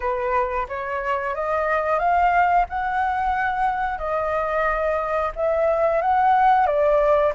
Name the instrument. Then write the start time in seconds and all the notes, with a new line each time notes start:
flute
0.00 B4
0.68 C#5
1.35 D#5
1.98 F5
2.68 F#5
3.98 D#5
5.35 E5
6.01 F#5
6.66 D5